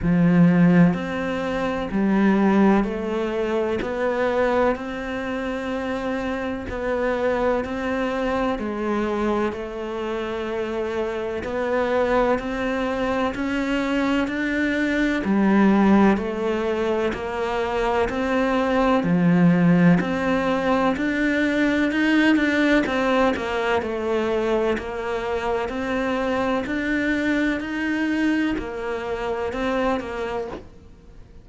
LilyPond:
\new Staff \with { instrumentName = "cello" } { \time 4/4 \tempo 4 = 63 f4 c'4 g4 a4 | b4 c'2 b4 | c'4 gis4 a2 | b4 c'4 cis'4 d'4 |
g4 a4 ais4 c'4 | f4 c'4 d'4 dis'8 d'8 | c'8 ais8 a4 ais4 c'4 | d'4 dis'4 ais4 c'8 ais8 | }